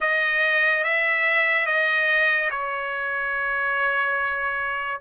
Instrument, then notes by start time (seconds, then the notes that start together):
trumpet
0.00 D#5
0.83 E5
1.66 D#5
2.50 C#5